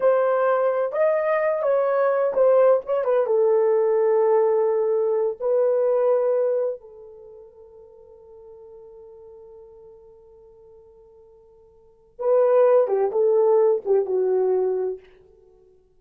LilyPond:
\new Staff \with { instrumentName = "horn" } { \time 4/4 \tempo 4 = 128 c''2 dis''4. cis''8~ | cis''4 c''4 cis''8 b'8 a'4~ | a'2.~ a'8 b'8~ | b'2~ b'8 a'4.~ |
a'1~ | a'1~ | a'2 b'4. g'8 | a'4. g'8 fis'2 | }